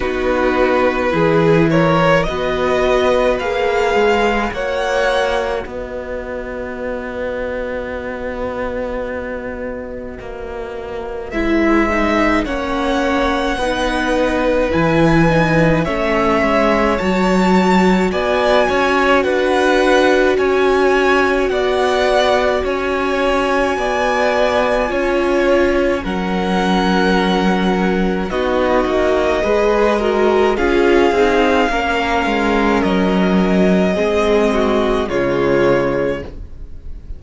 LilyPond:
<<
  \new Staff \with { instrumentName = "violin" } { \time 4/4 \tempo 4 = 53 b'4. cis''8 dis''4 f''4 | fis''4 dis''2.~ | dis''2 e''4 fis''4~ | fis''4 gis''4 e''4 a''4 |
gis''4 fis''4 gis''4 fis''4 | gis''2. fis''4~ | fis''4 dis''2 f''4~ | f''4 dis''2 cis''4 | }
  \new Staff \with { instrumentName = "violin" } { \time 4/4 fis'4 gis'8 ais'8 b'2 | cis''4 b'2.~ | b'2. cis''4 | b'2 cis''2 |
d''8 cis''8 b'4 cis''4 d''4 | cis''4 d''4 cis''4 ais'4~ | ais'4 fis'4 b'8 ais'8 gis'4 | ais'2 gis'8 fis'8 f'4 | }
  \new Staff \with { instrumentName = "viola" } { \time 4/4 dis'4 e'4 fis'4 gis'4 | fis'1~ | fis'2 e'8 dis'8 cis'4 | dis'4 e'8 dis'8 cis'4 fis'4~ |
fis'1~ | fis'2 f'4 cis'4~ | cis'4 dis'4 gis'8 fis'8 f'8 dis'8 | cis'2 c'4 gis4 | }
  \new Staff \with { instrumentName = "cello" } { \time 4/4 b4 e4 b4 ais8 gis8 | ais4 b2.~ | b4 ais4 gis4 ais4 | b4 e4 a8 gis8 fis4 |
b8 cis'8 d'4 cis'4 b4 | cis'4 b4 cis'4 fis4~ | fis4 b8 ais8 gis4 cis'8 c'8 | ais8 gis8 fis4 gis4 cis4 | }
>>